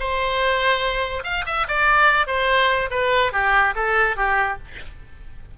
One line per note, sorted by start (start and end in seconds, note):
0.00 1.24 C5
1.24 1.45 F5
1.46 1.67 E5
1.68 2.27 D5
2.27 2.90 C5
2.91 3.33 B4
3.33 3.75 G4
3.76 4.17 A4
4.17 4.58 G4